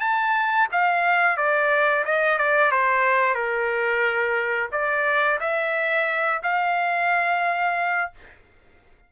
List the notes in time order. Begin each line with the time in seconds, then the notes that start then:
0.00 A5
0.72 F5
1.37 D5
2.05 D#5
2.38 D5
2.71 C5
3.34 A#4
4.72 D5
5.40 E5
6.43 F5